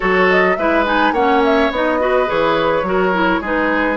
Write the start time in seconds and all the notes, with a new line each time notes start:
0.00 F#3 F#4 A4 C#5
0.30 D#5
0.56 G#3 E4 B4 E5
0.85 D#4 G#5
1.12 A#3 C#4 C#5 F#5
1.44 E5
1.71 B3 D#4 D#5
1.99 F#4 B4
2.25 E3 G#4 C#5
2.82 F#3 F#4 A#4
3.13 E4
3.40 G#3 D#4 G#4 B4